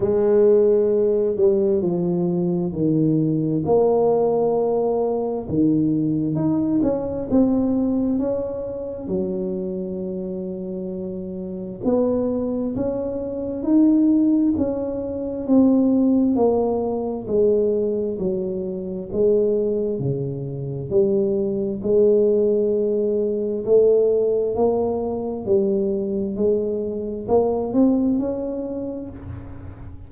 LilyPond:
\new Staff \with { instrumentName = "tuba" } { \time 4/4 \tempo 4 = 66 gis4. g8 f4 dis4 | ais2 dis4 dis'8 cis'8 | c'4 cis'4 fis2~ | fis4 b4 cis'4 dis'4 |
cis'4 c'4 ais4 gis4 | fis4 gis4 cis4 g4 | gis2 a4 ais4 | g4 gis4 ais8 c'8 cis'4 | }